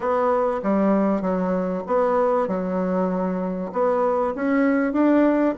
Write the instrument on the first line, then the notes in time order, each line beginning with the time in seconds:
bassoon
0.00 B3
0.62 G3
1.21 F#3
1.87 B3
2.47 F#3
3.72 B3
4.35 C#4
4.92 D4